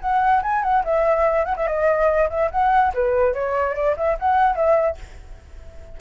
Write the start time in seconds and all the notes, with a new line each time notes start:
0.00 F#5
0.42 G#5
0.62 F#5
0.84 E5
1.45 F#5
1.56 E5
1.66 D#5
2.29 E5
2.51 F#5
2.94 B4
3.33 C#5
3.75 D5
3.96 E5
4.19 F#5
4.55 E5